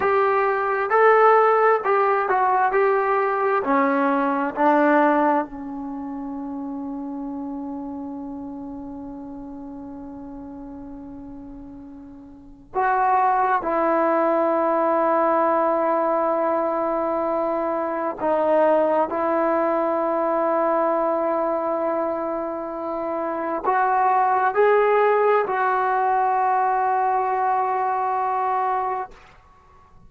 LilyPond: \new Staff \with { instrumentName = "trombone" } { \time 4/4 \tempo 4 = 66 g'4 a'4 g'8 fis'8 g'4 | cis'4 d'4 cis'2~ | cis'1~ | cis'2 fis'4 e'4~ |
e'1 | dis'4 e'2.~ | e'2 fis'4 gis'4 | fis'1 | }